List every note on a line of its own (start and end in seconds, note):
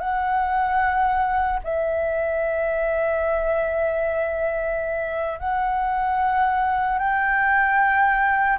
0.00 1.60 F#5
1.64 5.39 E5
5.39 6.99 F#5
6.99 8.59 G5